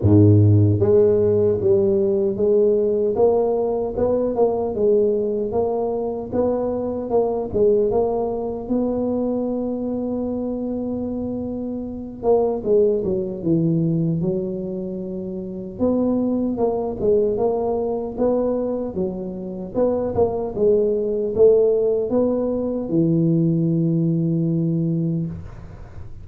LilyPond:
\new Staff \with { instrumentName = "tuba" } { \time 4/4 \tempo 4 = 76 gis,4 gis4 g4 gis4 | ais4 b8 ais8 gis4 ais4 | b4 ais8 gis8 ais4 b4~ | b2.~ b8 ais8 |
gis8 fis8 e4 fis2 | b4 ais8 gis8 ais4 b4 | fis4 b8 ais8 gis4 a4 | b4 e2. | }